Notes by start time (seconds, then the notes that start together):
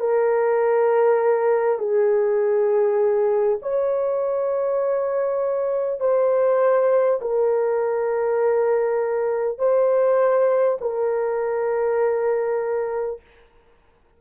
0.00 A#4
1.78 G#4
3.62 C#5
6.01 C5
7.21 A#4
9.58 C5
10.81 A#4